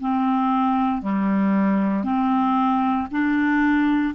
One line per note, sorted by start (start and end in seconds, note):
0.00 1.02 C4
1.02 2.03 G3
2.03 3.07 C4
3.10 4.14 D4